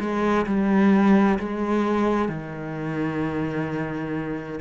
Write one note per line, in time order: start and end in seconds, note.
0.00 0.46 G#3
0.47 1.39 G3
1.39 2.29 G#3
2.29 4.60 D#3